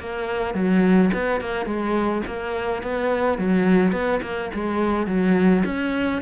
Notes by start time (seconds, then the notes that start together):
0.00 A#3
0.54 F#3
1.13 B3
1.41 A#3
1.66 G#3
2.27 A#3
2.83 B3
3.38 F#3
3.92 B3
4.22 A#3
4.54 G#3
5.07 F#3
5.65 C#4